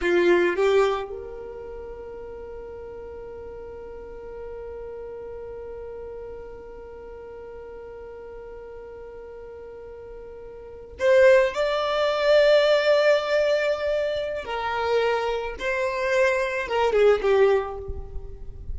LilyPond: \new Staff \with { instrumentName = "violin" } { \time 4/4 \tempo 4 = 108 f'4 g'4 ais'2~ | ais'1~ | ais'1~ | ais'1~ |
ais'2.~ ais'8. c''16~ | c''8. d''2.~ d''16~ | d''2 ais'2 | c''2 ais'8 gis'8 g'4 | }